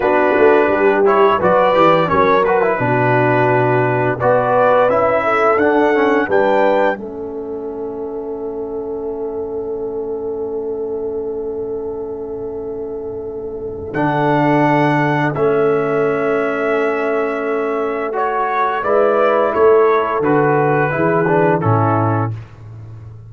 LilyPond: <<
  \new Staff \with { instrumentName = "trumpet" } { \time 4/4 \tempo 4 = 86 b'4. cis''8 d''4 cis''8 b'8~ | b'2 d''4 e''4 | fis''4 g''4 e''2~ | e''1~ |
e''1 | fis''2 e''2~ | e''2 cis''4 d''4 | cis''4 b'2 a'4 | }
  \new Staff \with { instrumentName = "horn" } { \time 4/4 fis'4 g'4 b'4 ais'4 | fis'2 b'4. a'8~ | a'4 b'4 a'2~ | a'1~ |
a'1~ | a'1~ | a'2. b'4 | a'2 gis'4 e'4 | }
  \new Staff \with { instrumentName = "trombone" } { \time 4/4 d'4. e'8 fis'8 g'8 cis'8 fis'16 e'16 | d'2 fis'4 e'4 | d'8 cis'8 d'4 cis'2~ | cis'1~ |
cis'1 | d'2 cis'2~ | cis'2 fis'4 e'4~ | e'4 fis'4 e'8 d'8 cis'4 | }
  \new Staff \with { instrumentName = "tuba" } { \time 4/4 b8 a8 g4 fis8 e8 fis4 | b,2 b4 cis'4 | d'4 g4 a2~ | a1~ |
a1 | d2 a2~ | a2. gis4 | a4 d4 e4 a,4 | }
>>